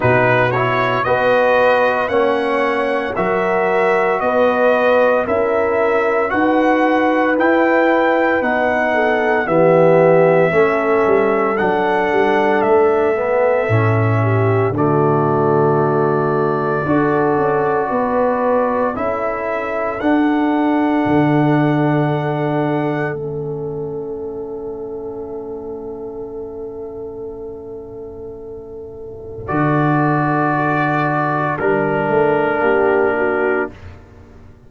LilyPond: <<
  \new Staff \with { instrumentName = "trumpet" } { \time 4/4 \tempo 4 = 57 b'8 cis''8 dis''4 fis''4 e''4 | dis''4 e''4 fis''4 g''4 | fis''4 e''2 fis''4 | e''2 d''2~ |
d''2 e''4 fis''4~ | fis''2 e''2~ | e''1 | d''2 ais'2 | }
  \new Staff \with { instrumentName = "horn" } { \time 4/4 fis'4 b'4 cis''4 ais'4 | b'4 ais'4 b'2~ | b'8 a'8 g'4 a'2~ | a'4. g'8 fis'2 |
a'4 b'4 a'2~ | a'1~ | a'1~ | a'2. g'8 fis'8 | }
  \new Staff \with { instrumentName = "trombone" } { \time 4/4 dis'8 e'8 fis'4 cis'4 fis'4~ | fis'4 e'4 fis'4 e'4 | dis'4 b4 cis'4 d'4~ | d'8 b8 cis'4 a2 |
fis'2 e'4 d'4~ | d'2 cis'2~ | cis'1 | fis'2 d'2 | }
  \new Staff \with { instrumentName = "tuba" } { \time 4/4 b,4 b4 ais4 fis4 | b4 cis'4 dis'4 e'4 | b4 e4 a8 g8 fis8 g8 | a4 a,4 d2 |
d'8 cis'8 b4 cis'4 d'4 | d2 a2~ | a1 | d2 g8 a8 ais4 | }
>>